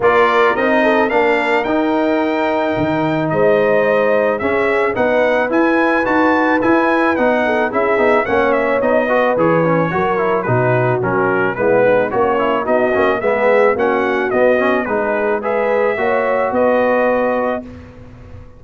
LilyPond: <<
  \new Staff \with { instrumentName = "trumpet" } { \time 4/4 \tempo 4 = 109 d''4 dis''4 f''4 g''4~ | g''2 dis''2 | e''4 fis''4 gis''4 a''4 | gis''4 fis''4 e''4 fis''8 e''8 |
dis''4 cis''2 b'4 | ais'4 b'4 cis''4 dis''4 | e''4 fis''4 dis''4 b'4 | e''2 dis''2 | }
  \new Staff \with { instrumentName = "horn" } { \time 4/4 ais'4. a'8 ais'2~ | ais'2 c''2 | gis'4 b'2.~ | b'4. a'8 gis'4 cis''4~ |
cis''8 b'4. ais'4 fis'4~ | fis'4 e'8 dis'8 cis'4 fis'4 | gis'4 fis'2 gis'4 | b'4 cis''4 b'2 | }
  \new Staff \with { instrumentName = "trombone" } { \time 4/4 f'4 dis'4 d'4 dis'4~ | dis'1 | cis'4 dis'4 e'4 fis'4 | e'4 dis'4 e'8 dis'8 cis'4 |
dis'8 fis'8 gis'8 cis'8 fis'8 e'8 dis'4 | cis'4 b4 fis'8 e'8 dis'8 cis'8 | b4 cis'4 b8 cis'8 dis'4 | gis'4 fis'2. | }
  \new Staff \with { instrumentName = "tuba" } { \time 4/4 ais4 c'4 ais4 dis'4~ | dis'4 dis4 gis2 | cis'4 b4 e'4 dis'4 | e'4 b4 cis'8 b8 ais4 |
b4 e4 fis4 b,4 | fis4 gis4 ais4 b8 ais8 | gis4 ais4 b4 gis4~ | gis4 ais4 b2 | }
>>